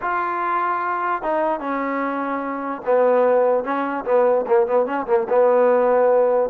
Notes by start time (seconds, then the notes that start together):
0.01 F4
1.22 D#4
1.60 C#4
2.85 B3
3.64 C#4
4.04 B3
4.47 A#3
4.66 B3
4.86 C#4
5.06 A#3
5.29 B3